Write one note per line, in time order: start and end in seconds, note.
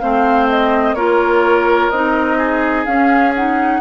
0.00 0.94 A3
0.00 0.97 C4
0.00 0.96 C5
0.00 0.48 F5
0.49 0.95 D#5
0.94 1.89 A#3
0.94 1.92 F4
0.94 2.38 A#4
0.94 1.90 C#5
1.90 2.86 C4
1.90 2.87 D#4
1.90 2.85 D#5
2.38 3.81 G#4
2.86 3.34 C#4
2.86 3.81 C#4
2.86 3.33 F5
3.36 3.81 D#4
3.36 3.81 F#5